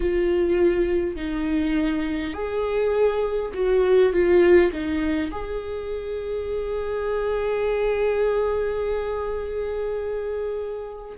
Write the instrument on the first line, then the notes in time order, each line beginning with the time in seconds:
viola
0.00 F4
1.16 D#4
2.33 G#4
3.53 F#4
4.12 F4
4.72 D#4
5.30 G#4